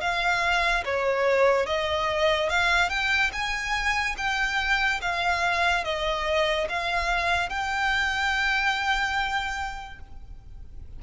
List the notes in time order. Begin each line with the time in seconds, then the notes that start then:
0.00 F5
0.85 C#5
1.66 D#5
2.49 F5
2.89 G5
3.32 G#5
4.17 G5
5.01 F5
5.84 D#5
6.69 F5
7.49 G5